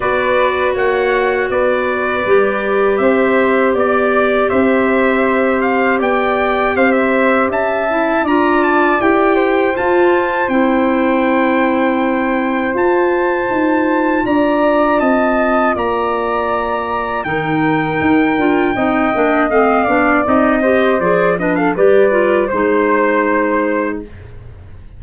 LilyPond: <<
  \new Staff \with { instrumentName = "trumpet" } { \time 4/4 \tempo 4 = 80 d''4 fis''4 d''2 | e''4 d''4 e''4. f''8 | g''4 f''16 e''8. a''4 ais''8 a''8 | g''4 a''4 g''2~ |
g''4 a''2 ais''4 | a''4 ais''2 g''4~ | g''2 f''4 dis''4 | d''8 dis''16 f''16 d''4 c''2 | }
  \new Staff \with { instrumentName = "flute" } { \time 4/4 b'4 cis''4 b'2 | c''4 d''4 c''2 | d''4 c''4 e''4 d''4~ | d''8 c''2.~ c''8~ |
c''2. d''4 | dis''4 d''2 ais'4~ | ais'4 dis''4. d''4 c''8~ | c''8 b'16 a'16 b'4 c''2 | }
  \new Staff \with { instrumentName = "clarinet" } { \time 4/4 fis'2. g'4~ | g'1~ | g'2~ g'8 e'8 f'4 | g'4 f'4 e'2~ |
e'4 f'2.~ | f'2. dis'4~ | dis'8 f'8 dis'8 d'8 c'8 d'8 dis'8 g'8 | gis'8 d'8 g'8 f'8 dis'2 | }
  \new Staff \with { instrumentName = "tuba" } { \time 4/4 b4 ais4 b4 g4 | c'4 b4 c'2 | b4 c'4 cis'4 d'4 | e'4 f'4 c'2~ |
c'4 f'4 dis'4 d'4 | c'4 ais2 dis4 | dis'8 d'8 c'8 ais8 a8 b8 c'4 | f4 g4 gis2 | }
>>